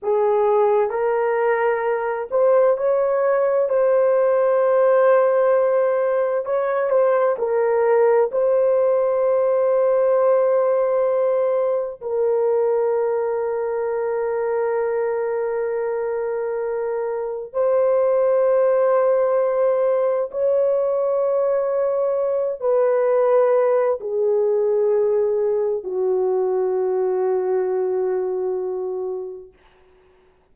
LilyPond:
\new Staff \with { instrumentName = "horn" } { \time 4/4 \tempo 4 = 65 gis'4 ais'4. c''8 cis''4 | c''2. cis''8 c''8 | ais'4 c''2.~ | c''4 ais'2.~ |
ais'2. c''4~ | c''2 cis''2~ | cis''8 b'4. gis'2 | fis'1 | }